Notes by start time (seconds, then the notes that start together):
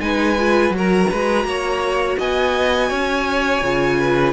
0.00 G#3 D#4 B4 G#5
0.39 F4
0.70 F#3 F#4
0.78 A#4 A#5
1.11 G#3 B4
1.45 A#3 C#5
2.18 B3 D#5 G#5
2.89 C#4 C#5
3.62 C#3 F4
3.99 B4